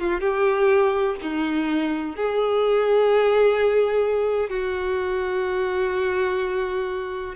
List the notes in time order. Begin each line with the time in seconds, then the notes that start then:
0.00 F4
0.21 G4
1.23 D#4
2.16 G#4
4.50 F#4